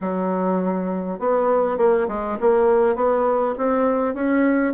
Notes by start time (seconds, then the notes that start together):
0.00 F#3
1.19 B3
1.77 A#3
2.08 G#3
2.40 A#3
2.95 B3
3.57 C4
4.14 C#4